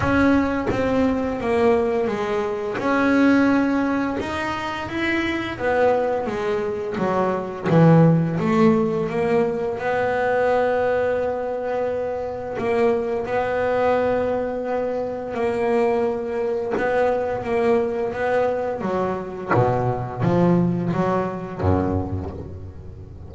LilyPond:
\new Staff \with { instrumentName = "double bass" } { \time 4/4 \tempo 4 = 86 cis'4 c'4 ais4 gis4 | cis'2 dis'4 e'4 | b4 gis4 fis4 e4 | a4 ais4 b2~ |
b2 ais4 b4~ | b2 ais2 | b4 ais4 b4 fis4 | b,4 f4 fis4 fis,4 | }